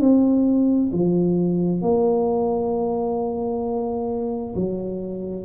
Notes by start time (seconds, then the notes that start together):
0.00 C4
0.93 F3
1.82 A#3
4.55 F#3